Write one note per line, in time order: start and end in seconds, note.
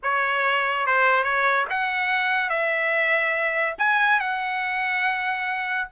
0.02 0.86 C#5
0.86 1.23 C5
1.23 1.65 C#5
1.70 2.49 F#5
2.49 3.75 E5
3.78 4.20 G#5
4.20 5.88 F#5